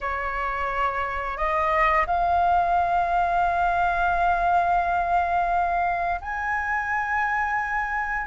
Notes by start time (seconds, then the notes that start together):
0.00 C#5
1.37 D#5
2.06 F5
6.21 G#5